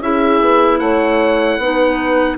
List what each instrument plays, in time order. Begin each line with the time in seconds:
0.00 bassoon C#4, clarinet E4, horn G#4, oboe E5
0.41 bassoon B3
0.79 bassoon A3, horn C#5, oboe F#5
1.58 bassoon B3, clarinet D#4, horn B4